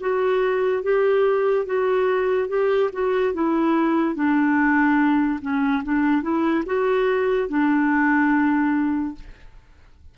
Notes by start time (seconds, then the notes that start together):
0.00 F#4
0.83 G4
1.66 F#4
2.48 G4
2.92 F#4
3.33 E4
4.15 D4
5.41 C#4
5.84 D4
6.22 E4
6.66 F#4
7.48 D4